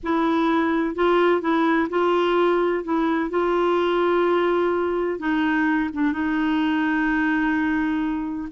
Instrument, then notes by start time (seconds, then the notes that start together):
clarinet
0.03 E4
0.95 F4
1.41 E4
1.89 F4
2.83 E4
3.30 F4
5.19 D#4
5.93 D4
6.12 D#4